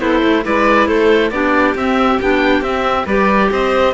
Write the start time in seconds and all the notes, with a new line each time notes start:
0.00 B3 E4 A4 C5
0.24 A3
0.44 G#3 E4 B4 D5
0.88 A3 A4 C5
1.30 B3 D4 G4 D5
1.75 C4 E5
2.21 B3 D4 G5
2.61 C4 E5
3.05 G3 G4 B4 D5
3.51 C4 C5 D#5